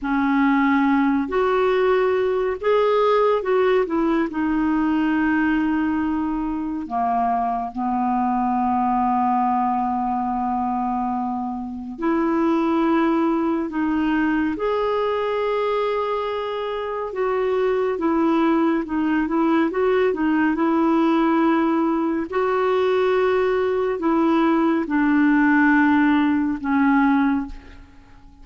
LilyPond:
\new Staff \with { instrumentName = "clarinet" } { \time 4/4 \tempo 4 = 70 cis'4. fis'4. gis'4 | fis'8 e'8 dis'2. | ais4 b2.~ | b2 e'2 |
dis'4 gis'2. | fis'4 e'4 dis'8 e'8 fis'8 dis'8 | e'2 fis'2 | e'4 d'2 cis'4 | }